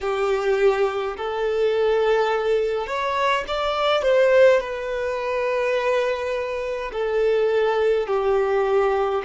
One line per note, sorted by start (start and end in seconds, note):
0.01 1.16 G4
1.16 2.86 A4
2.86 3.44 C#5
3.47 4.02 D5
4.02 4.60 C5
4.60 6.91 B4
6.92 8.07 A4
8.07 9.22 G4